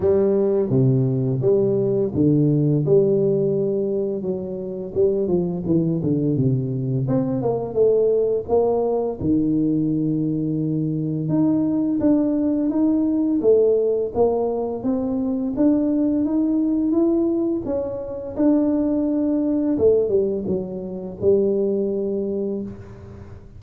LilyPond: \new Staff \with { instrumentName = "tuba" } { \time 4/4 \tempo 4 = 85 g4 c4 g4 d4 | g2 fis4 g8 f8 | e8 d8 c4 c'8 ais8 a4 | ais4 dis2. |
dis'4 d'4 dis'4 a4 | ais4 c'4 d'4 dis'4 | e'4 cis'4 d'2 | a8 g8 fis4 g2 | }